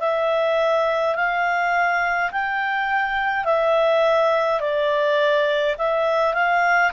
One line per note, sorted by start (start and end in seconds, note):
0.00 1.15 E5
1.15 2.30 F5
2.31 3.45 G5
3.45 4.60 E5
4.60 5.75 D5
5.77 6.34 E5
6.34 6.91 F5